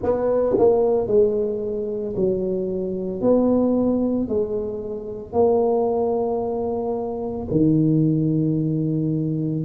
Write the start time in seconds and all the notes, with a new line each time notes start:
0.02 B3
0.57 A#3
1.07 G#3
2.16 F#3
3.21 B3
4.28 G#3
5.32 A#3
7.50 D#3